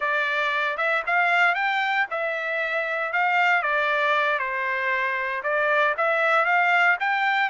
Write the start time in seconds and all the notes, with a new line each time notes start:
0.00 D5
0.77 E5
1.06 F5
1.54 G5
2.10 E5
3.12 F5
3.62 D5
4.38 C5
5.43 D5
5.97 E5
6.45 F5
7.00 G5